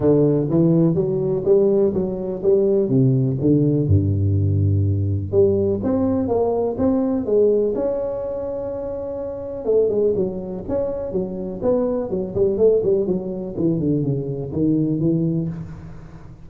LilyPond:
\new Staff \with { instrumentName = "tuba" } { \time 4/4 \tempo 4 = 124 d4 e4 fis4 g4 | fis4 g4 c4 d4 | g,2. g4 | c'4 ais4 c'4 gis4 |
cis'1 | a8 gis8 fis4 cis'4 fis4 | b4 fis8 g8 a8 g8 fis4 | e8 d8 cis4 dis4 e4 | }